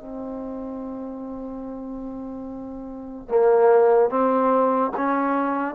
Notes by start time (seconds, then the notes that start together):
0.00 C4
3.29 A#3
4.09 C4
4.97 C#4